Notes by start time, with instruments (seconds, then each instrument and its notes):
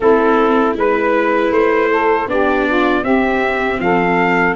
0.00 tuba A3, viola C4, saxophone E4, trumpet A4
0.74 tuba G#3, viola E4, saxophone B4, trumpet B4
1.50 tuba A3, trumpet C5
1.90 saxophone A4
2.27 tuba B3, viola D4, saxophone G4, trumpet D5
2.67 saxophone F4
3.02 tuba C4, viola C4, saxophone G4, trumpet E5
3.79 tuba F3, saxophone A4, trumpet F5